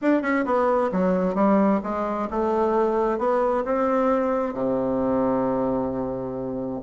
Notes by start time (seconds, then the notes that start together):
0.01 D4
0.21 C#4
0.45 B3
0.92 F#3
1.34 G3
1.83 G#3
2.30 A3
3.18 B3
3.64 C4
4.53 C3